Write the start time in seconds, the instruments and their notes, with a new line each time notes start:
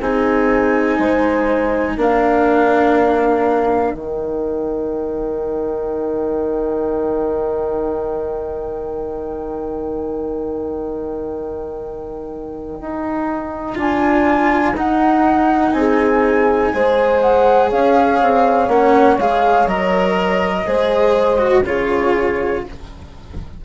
0.00 bassoon C4, cello D#4, horn G#4, flute G#5
0.98 bassoon G#3, horn C5
1.97 bassoon A#3, cello D4, horn A#4, flute F5
3.93 bassoon D#3, cello D#4, flute G5
12.81 bassoon D#4
13.75 bassoon D4, cello F4, flute G#5
14.74 bassoon D#4, cello D#4, flute F#5
15.72 bassoon C4, horn G#4, flute G#5
16.73 bassoon G#3, cello G#4, horn C5
17.20 flute F#5
17.70 bassoon C#4, horn C#5, flute F5
18.21 bassoon C4
18.68 bassoon A#3, cello C#4, flute F#5
19.18 bassoon G#3, cello G#4, flute F5
19.66 bassoon F#3, cello A#4, flute D#5
20.66 bassoon G#3, cello G#4, horn C5
21.38 cello F#4
21.64 bassoon C#3, cello F4, horn G#4, flute C#5